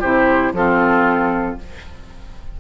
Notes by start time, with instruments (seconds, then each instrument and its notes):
0.00 bassoon C3, clarinet E4, oboe G4, flute C5
0.53 bassoon F3, clarinet C4, oboe F4, flute A4